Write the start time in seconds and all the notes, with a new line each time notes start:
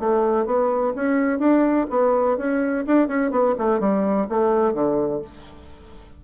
0.00 A3
0.46 B3
0.96 C#4
1.40 D4
1.90 B3
2.38 C#4
2.87 D4
3.08 C#4
3.31 B3
3.59 A3
3.80 G3
4.29 A3
4.74 D3